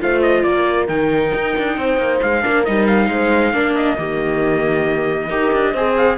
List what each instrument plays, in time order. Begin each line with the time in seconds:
0.00 cello A3, viola F4, horn C5, trumpet F5
0.22 trumpet D#5
0.43 cello A#3, horn A#4, trumpet D5
0.88 cello D#3, viola D#4, trumpet G5
1.35 cello D#4
1.58 cello D4
1.77 cello C4, horn C5
1.98 cello A#3
2.22 cello G#3, trumpet F5
2.42 cello A#3, viola D4, horn A#4
2.65 cello G3, viola D#4, trumpet D#5
2.87 trumpet F5
3.10 cello G#3, horn C5
3.53 cello A#3, viola D4, horn A#4
3.75 trumpet D#5
3.97 cello D#3, viola A#3, horn G4
5.30 cello D#4, viola G4, horn A#4
5.53 cello D4
5.71 cello C4, viola G#4, horn C5
5.97 trumpet F5